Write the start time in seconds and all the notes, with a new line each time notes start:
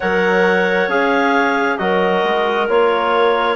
0.00 F#3 A#4 C#5 F#5
0.87 C#4 G#4 F5
1.77 F#3 F#4 A#4 D#5
2.23 G#3
2.68 A#3 F4 C#5